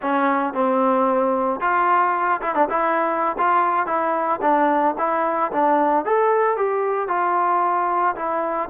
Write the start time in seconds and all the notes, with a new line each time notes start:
0.02 C#4
0.53 C4
1.60 F4
2.41 E4
2.54 D4
2.69 E4
3.37 F4
3.86 E4
4.41 D4
4.97 E4
5.52 D4
6.05 A4
6.56 G4
7.08 F4
8.15 E4